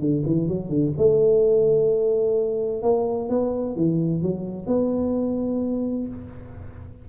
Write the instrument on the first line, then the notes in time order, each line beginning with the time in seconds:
tuba
0.00 D3
0.26 E3
0.48 F#3
0.69 D3
0.98 A3
2.83 A#3
3.30 B3
3.76 E3
4.22 F#3
4.67 B3